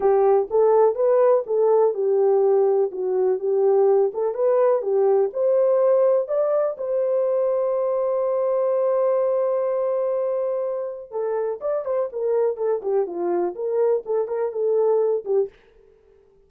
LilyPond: \new Staff \with { instrumentName = "horn" } { \time 4/4 \tempo 4 = 124 g'4 a'4 b'4 a'4 | g'2 fis'4 g'4~ | g'8 a'8 b'4 g'4 c''4~ | c''4 d''4 c''2~ |
c''1~ | c''2. a'4 | d''8 c''8 ais'4 a'8 g'8 f'4 | ais'4 a'8 ais'8 a'4. g'8 | }